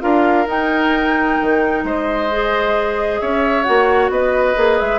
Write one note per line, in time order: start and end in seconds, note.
0.00 0.46 D4
0.00 0.45 F4
0.00 1.84 A#4
0.00 0.47 F5
0.46 1.37 D#4
0.46 2.30 D#4
0.46 1.86 G5
1.41 1.84 D#3
1.84 3.20 G#3
1.84 3.21 C5
1.84 3.19 D#5
2.31 3.64 G#4
3.19 3.67 C#4
3.19 4.11 C#5
3.19 3.63 E5
3.63 4.09 A#3
3.63 4.55 F#4
3.63 4.09 F#5
4.09 4.55 B3
4.09 4.99 B4
4.09 4.79 D#5
4.55 4.80 A#3
4.55 4.99 G#4
4.79 4.99 G#3
4.79 4.99 E5